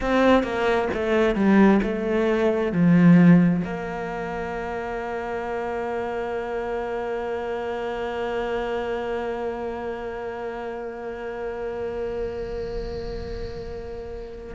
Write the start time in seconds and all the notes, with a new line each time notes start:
0.00 C4
0.43 A#3
0.93 A3
1.35 G3
1.83 A3
2.72 F3
3.64 A#3